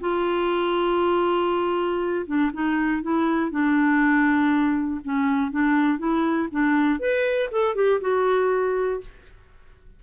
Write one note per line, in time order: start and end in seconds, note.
0.00 2.25 F4
2.26 2.51 D4
2.53 3.02 D#4
3.02 3.50 E4
3.50 5.00 D4
5.04 5.51 C#4
5.51 5.98 D4
5.98 6.48 E4
6.51 6.99 D4
6.99 7.49 B4
7.51 7.75 A4
7.75 8.00 G4
8.00 9.00 F#4